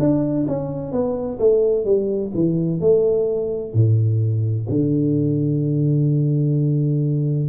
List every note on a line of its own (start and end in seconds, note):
0.00 0.47 D4
0.48 0.92 C#4
0.92 1.39 B3
1.40 1.85 A3
1.85 2.32 G3
2.35 2.81 E3
2.81 3.74 A3
3.74 4.68 A2
4.70 7.49 D3